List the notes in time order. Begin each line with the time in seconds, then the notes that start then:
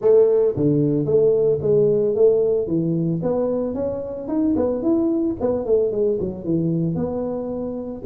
0.01 A3
0.56 D3
1.05 A3
1.61 G#3
2.15 A3
2.67 E3
3.22 B3
3.74 C#4
4.28 D#4
4.56 B3
4.82 E4
5.40 B3
5.65 A3
5.91 G#3
6.20 F#3
6.44 E3
6.95 B3